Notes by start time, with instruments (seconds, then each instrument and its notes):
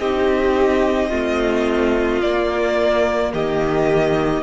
0.00 cello C4, viola D#4, violin G4 D#5
1.09 cello A3, viola C4, violin F4
2.21 cello A#3, viola A#3, violin D5
3.33 cello D#3, violin G4 D#5